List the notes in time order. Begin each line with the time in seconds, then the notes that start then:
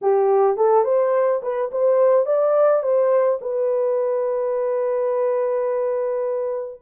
0.01 G4
0.56 A4
0.84 C5
1.42 B4
1.71 C5
2.26 D5
2.82 C5
3.41 B4